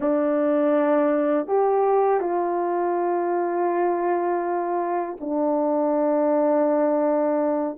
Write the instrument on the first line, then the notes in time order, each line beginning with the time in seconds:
horn
0.00 D4
1.46 G4
2.20 F4
5.20 D4